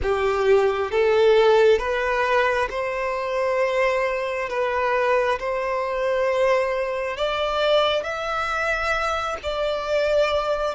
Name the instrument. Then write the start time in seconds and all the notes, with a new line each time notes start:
violin
0.02 G4
0.91 A4
1.78 B4
2.70 C5
4.49 B4
5.39 C5
7.16 D5
8.03 E5
9.43 D5